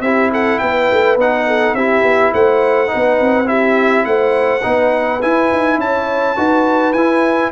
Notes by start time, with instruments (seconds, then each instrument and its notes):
0.00 tuba C4, trombone E4, horn G4, trumpet E5
0.32 horn A4, trumpet F#5
0.59 tuba B3, horn B4, trumpet G5
0.92 tuba A3
1.16 tuba B3, trombone D#4, trumpet F#5
1.47 horn A4
1.74 tuba C4, trombone E4, horn G4, trumpet E5
2.03 tuba B3
2.33 tuba A3, horn C5, trumpet F#5
2.87 trombone D#4, horn B4
2.95 tuba B3
3.20 tuba C4
3.45 trombone E4, horn G4, trumpet E5
4.05 tuba A3, horn C5, trumpet F#5
4.63 tuba B3, trombone D#4, horn B4
5.21 trombone E4, tuba E4, trumpet G#5
5.52 tuba D#4
5.78 tuba C#4, horn C#5, trumpet A5
6.36 tuba D#4, trombone F#4, horn B4
6.93 tuba E4, trombone E4, trumpet G#5